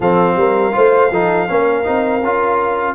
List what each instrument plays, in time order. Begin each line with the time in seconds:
0.00 tuba F3, trombone C4, horn A4, trumpet F5
0.35 tuba G3, horn A#4
0.72 tuba A3, trombone F4, horn C5
1.10 tuba F3, trombone D#4, horn A4
1.48 tuba A#3, trombone C#4, horn A#4
1.83 tuba C4, trombone D#4
2.22 tuba C#4, trombone F4